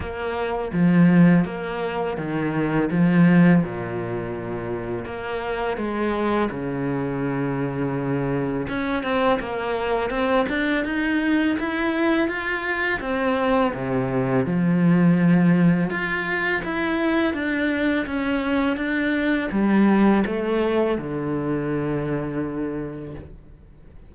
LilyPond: \new Staff \with { instrumentName = "cello" } { \time 4/4 \tempo 4 = 83 ais4 f4 ais4 dis4 | f4 ais,2 ais4 | gis4 cis2. | cis'8 c'8 ais4 c'8 d'8 dis'4 |
e'4 f'4 c'4 c4 | f2 f'4 e'4 | d'4 cis'4 d'4 g4 | a4 d2. | }